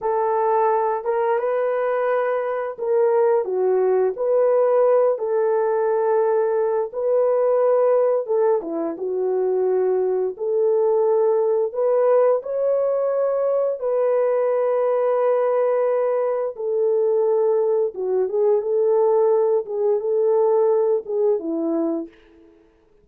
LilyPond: \new Staff \with { instrumentName = "horn" } { \time 4/4 \tempo 4 = 87 a'4. ais'8 b'2 | ais'4 fis'4 b'4. a'8~ | a'2 b'2 | a'8 e'8 fis'2 a'4~ |
a'4 b'4 cis''2 | b'1 | a'2 fis'8 gis'8 a'4~ | a'8 gis'8 a'4. gis'8 e'4 | }